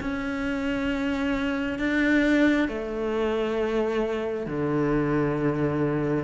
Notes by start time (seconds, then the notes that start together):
0.00 C#4
1.78 D4
2.68 A3
4.46 D3